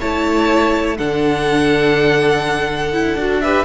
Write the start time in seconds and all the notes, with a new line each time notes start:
0.00 A3 E4 C#5 A5
0.98 D3 D4 A4 F#5
2.93 E4
3.15 D4 F#4
3.41 G4 B4 E5